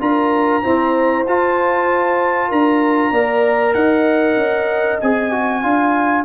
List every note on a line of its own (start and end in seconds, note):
0.00 0.63 D4
0.00 0.62 F4
0.00 0.63 A#4
0.00 1.26 A#5
0.63 1.26 C4
0.63 1.28 E4
0.63 2.49 C5
1.27 2.52 F4
1.27 3.14 F4
1.27 2.52 A5
2.49 3.12 D4
2.49 3.11 A#4
2.49 3.74 A#5
3.11 3.74 A#3
3.11 5.02 A#4
3.11 3.74 D5
3.74 4.36 D#4
3.74 5.62 D#5
3.74 4.99 F#5
4.36 4.99 C#4
5.01 5.64 C4
5.01 5.32 G#4
5.01 6.25 G#5
5.32 5.63 F#4
5.62 6.25 D4
5.62 6.25 F4
5.62 6.25 F5